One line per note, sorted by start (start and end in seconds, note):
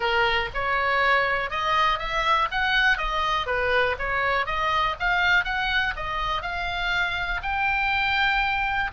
0.00 0.49 A#4
0.54 1.50 C#5
1.50 1.98 D#5
1.98 2.48 E5
2.51 2.97 F#5
2.97 3.46 D#5
3.46 3.96 B4
3.98 4.45 C#5
4.45 4.95 D#5
4.99 5.44 F5
5.44 5.94 F#5
5.95 6.42 D#5
6.42 7.41 F5
7.42 8.91 G5